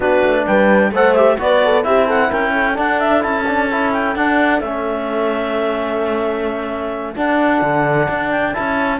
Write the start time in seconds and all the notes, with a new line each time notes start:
0.00 B3 D4 F#4 B4
0.23 A3
0.46 G3 B4 G5
0.91 A3 A4 C5 F#5
1.14 G4 E5
1.39 B3 F#4 B4 D5
1.64 A4
1.83 C4 E4 G4 E5
2.06 A4 F#5
2.30 C#4 A#4 G5
2.52 A4
2.74 D4 F#5
2.99 E5
3.20 C#4 E4 A5
3.47 D4
3.71 E4
3.92 G5
4.15 D4 F#5
4.59 A3 C#4 E5
7.15 D4 F#5
7.61 D3
8.09 D4
8.30 G5
8.53 C#4 E4 A5